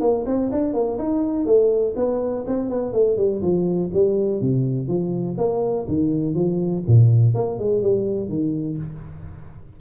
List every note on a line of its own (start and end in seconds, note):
0.00 0.24 A#3
0.26 0.50 C4
0.51 0.73 D4
0.73 0.98 A#3
0.98 1.45 D#4
1.45 1.94 A3
1.96 2.45 B3
2.47 2.69 C4
2.69 2.93 B3
2.93 3.17 A3
3.17 3.41 G3
3.41 3.90 F3
3.93 4.41 G3
4.41 4.87 C3
4.87 5.36 F3
5.37 5.86 A#3
5.88 6.34 D#3
6.34 6.83 F3
6.87 7.34 A#2
7.34 7.59 A#3
7.59 7.82 G#3
7.82 8.29 G3
8.29 8.77 D#3